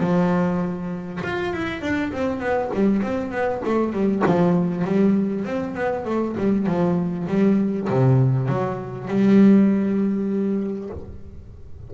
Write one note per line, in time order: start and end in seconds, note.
0.00 1.21 F3
1.24 1.53 F4
1.53 1.82 E4
1.82 2.12 D4
2.13 2.40 C4
2.40 2.71 B3
2.74 3.03 G3
3.03 3.32 C4
3.32 3.62 B3
3.65 3.93 A3
3.93 4.23 G3
4.26 4.85 F3
4.85 5.45 G3
5.45 5.75 C4
5.75 6.05 B3
6.06 6.36 A3
6.38 6.67 G3
6.67 7.27 F3
7.28 7.89 G3
7.90 8.49 C3
8.49 9.08 F#3
9.08 10.90 G3